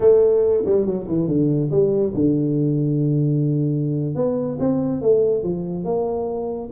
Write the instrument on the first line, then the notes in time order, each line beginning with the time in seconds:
tuba
0.00 A3
0.65 G3
0.85 F#3
1.08 E3
1.27 D3
1.70 G3
2.14 D3
4.15 B3
4.59 C4
5.01 A3
5.43 F3
5.84 A#3